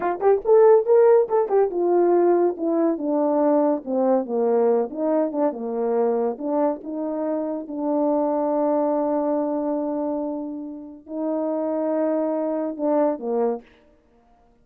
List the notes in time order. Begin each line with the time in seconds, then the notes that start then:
0.00 F4
0.20 G4
0.44 A4
0.85 A#4
1.28 A4
1.48 G4
1.70 F4
2.57 E4
2.97 D4
3.84 C4
4.25 A#3
4.90 D#4
5.32 D4
5.52 A#3
6.38 D4
6.83 D#4
7.67 D4
11.06 D#4
12.76 D4
13.19 A#3